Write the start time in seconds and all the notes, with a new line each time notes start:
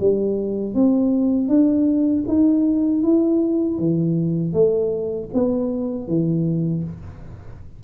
0.00 G3
0.75 C4
1.48 D4
2.28 D#4
3.03 E4
3.78 E3
4.53 A3
5.34 B3
6.08 E3